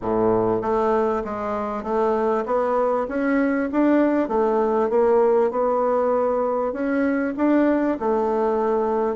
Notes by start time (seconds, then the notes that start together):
0.01 A2
0.61 A3
1.24 G#3
1.83 A3
2.45 B3
3.08 C#4
3.72 D4
4.28 A3
4.89 A#3
5.50 B3
6.72 C#4
7.36 D4
7.99 A3